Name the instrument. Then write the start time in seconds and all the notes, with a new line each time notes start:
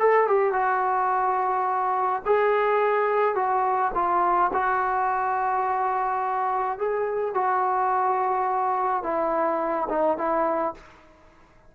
trombone
0.00 A4
0.27 G4
0.53 F#4
2.26 G#4
3.35 F#4
3.95 F4
4.53 F#4
6.78 G#4
7.35 F#4
9.03 E4
9.90 D#4
10.18 E4